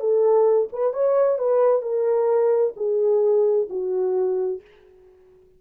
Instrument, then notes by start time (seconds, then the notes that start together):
horn
0.00 A4
0.73 B4
0.94 C#5
1.38 B4
1.82 A#4
2.77 G#4
3.70 F#4